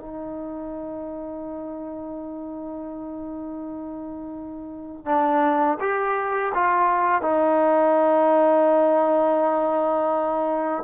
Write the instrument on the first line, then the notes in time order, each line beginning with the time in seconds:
trombone
0.00 D#4
5.06 D4
5.81 G4
6.55 F4
7.22 D#4